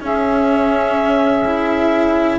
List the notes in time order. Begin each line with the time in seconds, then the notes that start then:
0.00 C#4 G#4 E5
1.45 E4